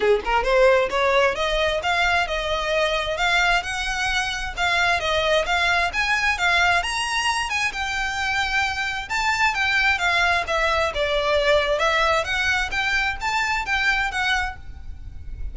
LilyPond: \new Staff \with { instrumentName = "violin" } { \time 4/4 \tempo 4 = 132 gis'8 ais'8 c''4 cis''4 dis''4 | f''4 dis''2 f''4 | fis''2 f''4 dis''4 | f''4 gis''4 f''4 ais''4~ |
ais''8 gis''8 g''2. | a''4 g''4 f''4 e''4 | d''2 e''4 fis''4 | g''4 a''4 g''4 fis''4 | }